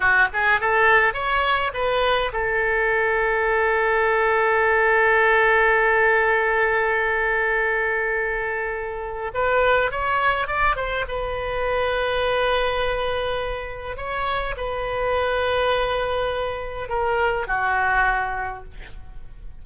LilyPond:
\new Staff \with { instrumentName = "oboe" } { \time 4/4 \tempo 4 = 103 fis'8 gis'8 a'4 cis''4 b'4 | a'1~ | a'1~ | a'1 |
b'4 cis''4 d''8 c''8 b'4~ | b'1 | cis''4 b'2.~ | b'4 ais'4 fis'2 | }